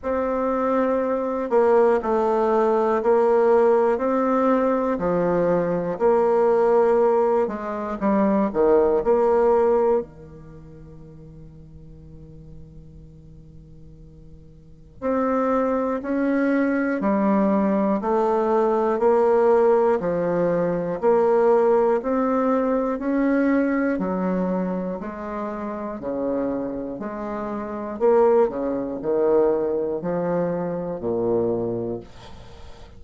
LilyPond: \new Staff \with { instrumentName = "bassoon" } { \time 4/4 \tempo 4 = 60 c'4. ais8 a4 ais4 | c'4 f4 ais4. gis8 | g8 dis8 ais4 dis2~ | dis2. c'4 |
cis'4 g4 a4 ais4 | f4 ais4 c'4 cis'4 | fis4 gis4 cis4 gis4 | ais8 cis8 dis4 f4 ais,4 | }